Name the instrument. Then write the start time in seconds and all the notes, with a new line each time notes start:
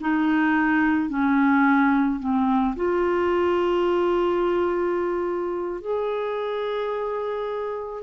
clarinet
0.00 D#4
1.09 C#4
2.19 C4
2.76 F4
5.81 G#4